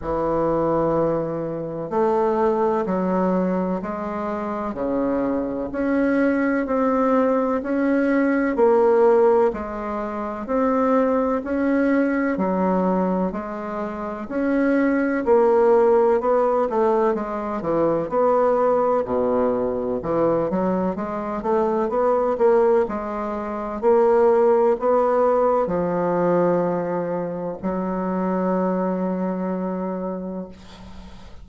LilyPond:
\new Staff \with { instrumentName = "bassoon" } { \time 4/4 \tempo 4 = 63 e2 a4 fis4 | gis4 cis4 cis'4 c'4 | cis'4 ais4 gis4 c'4 | cis'4 fis4 gis4 cis'4 |
ais4 b8 a8 gis8 e8 b4 | b,4 e8 fis8 gis8 a8 b8 ais8 | gis4 ais4 b4 f4~ | f4 fis2. | }